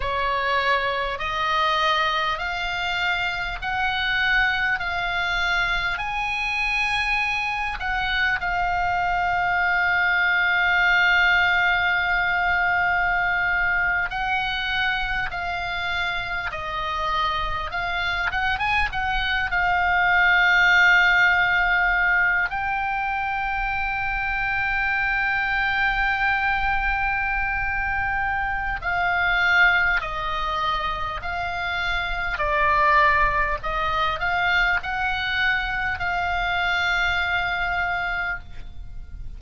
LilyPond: \new Staff \with { instrumentName = "oboe" } { \time 4/4 \tempo 4 = 50 cis''4 dis''4 f''4 fis''4 | f''4 gis''4. fis''8 f''4~ | f''2.~ f''8. fis''16~ | fis''8. f''4 dis''4 f''8 fis''16 gis''16 fis''16~ |
fis''16 f''2~ f''8 g''4~ g''16~ | g''1 | f''4 dis''4 f''4 d''4 | dis''8 f''8 fis''4 f''2 | }